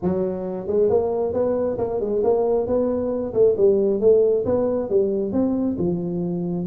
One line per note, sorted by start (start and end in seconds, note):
0.02 0.67 F#3
0.67 0.89 G#3
0.89 1.33 A#3
1.33 1.77 B3
1.78 2.00 A#3
2.00 2.22 G#3
2.23 2.66 A#3
2.66 3.33 B3
3.33 3.55 A3
3.57 4.00 G3
4.00 4.44 A3
4.45 4.89 B3
4.89 5.32 G3
5.32 5.77 C4
5.78 6.67 F3